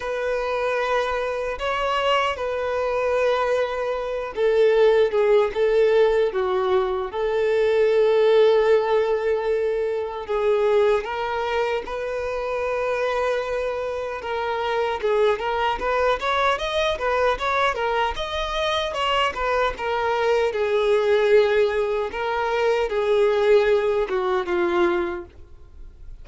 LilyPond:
\new Staff \with { instrumentName = "violin" } { \time 4/4 \tempo 4 = 76 b'2 cis''4 b'4~ | b'4. a'4 gis'8 a'4 | fis'4 a'2.~ | a'4 gis'4 ais'4 b'4~ |
b'2 ais'4 gis'8 ais'8 | b'8 cis''8 dis''8 b'8 cis''8 ais'8 dis''4 | cis''8 b'8 ais'4 gis'2 | ais'4 gis'4. fis'8 f'4 | }